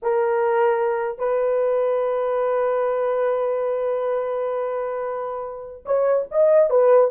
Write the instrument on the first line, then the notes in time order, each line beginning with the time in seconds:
horn
0.02 A#4
1.18 B4
5.85 C#5
6.31 D#5
6.70 B4